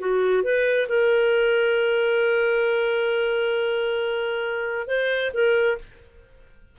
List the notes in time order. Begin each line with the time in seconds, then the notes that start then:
0.00 F#4
0.43 B4
0.89 A#4
4.87 C5
5.34 A#4